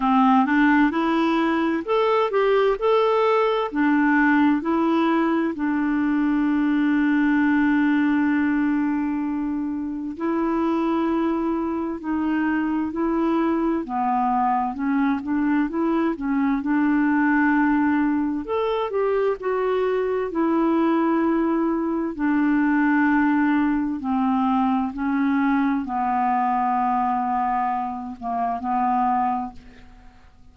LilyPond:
\new Staff \with { instrumentName = "clarinet" } { \time 4/4 \tempo 4 = 65 c'8 d'8 e'4 a'8 g'8 a'4 | d'4 e'4 d'2~ | d'2. e'4~ | e'4 dis'4 e'4 b4 |
cis'8 d'8 e'8 cis'8 d'2 | a'8 g'8 fis'4 e'2 | d'2 c'4 cis'4 | b2~ b8 ais8 b4 | }